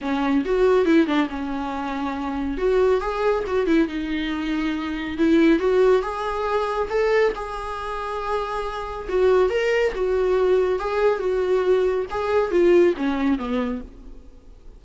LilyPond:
\new Staff \with { instrumentName = "viola" } { \time 4/4 \tempo 4 = 139 cis'4 fis'4 e'8 d'8 cis'4~ | cis'2 fis'4 gis'4 | fis'8 e'8 dis'2. | e'4 fis'4 gis'2 |
a'4 gis'2.~ | gis'4 fis'4 ais'4 fis'4~ | fis'4 gis'4 fis'2 | gis'4 f'4 cis'4 b4 | }